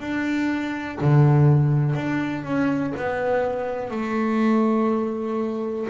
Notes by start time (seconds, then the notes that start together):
0.00 D4
1.01 D3
1.95 D4
2.44 C#4
2.97 B3
3.90 A3